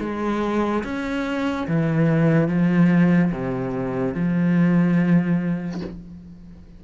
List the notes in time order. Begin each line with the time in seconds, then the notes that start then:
0.00 G#3
0.84 C#4
1.68 E3
2.48 F3
3.32 C3
4.14 F3